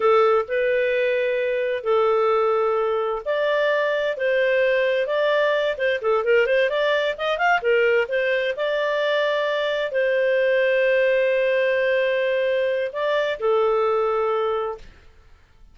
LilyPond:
\new Staff \with { instrumentName = "clarinet" } { \time 4/4 \tempo 4 = 130 a'4 b'2. | a'2. d''4~ | d''4 c''2 d''4~ | d''8 c''8 a'8 ais'8 c''8 d''4 dis''8 |
f''8 ais'4 c''4 d''4.~ | d''4. c''2~ c''8~ | c''1 | d''4 a'2. | }